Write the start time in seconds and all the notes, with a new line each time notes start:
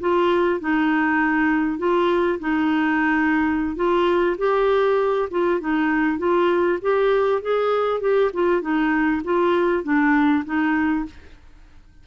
0.00 F4
0.60 D#4
1.78 F4
2.39 D#4
3.76 F4
4.38 G4
5.30 F4
5.60 D#4
6.18 F4
6.82 G4
7.42 G#4
8.00 G4
8.33 F4
8.61 D#4
9.24 F4
9.83 D4
10.45 D#4